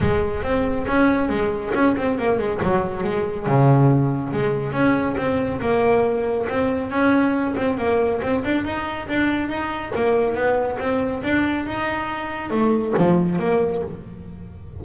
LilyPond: \new Staff \with { instrumentName = "double bass" } { \time 4/4 \tempo 4 = 139 gis4 c'4 cis'4 gis4 | cis'8 c'8 ais8 gis8 fis4 gis4 | cis2 gis4 cis'4 | c'4 ais2 c'4 |
cis'4. c'8 ais4 c'8 d'8 | dis'4 d'4 dis'4 ais4 | b4 c'4 d'4 dis'4~ | dis'4 a4 f4 ais4 | }